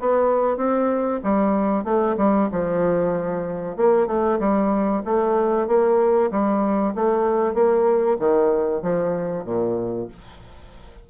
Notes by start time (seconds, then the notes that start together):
0.00 B3
0.57 C4
1.24 G3
1.84 A3
2.18 G3
2.52 F3
3.77 A#3
4.07 A3
4.40 G3
5.05 A3
5.67 A#3
6.31 G3
6.95 A3
7.54 A#3
8.19 D#3
8.82 F3
9.44 A#2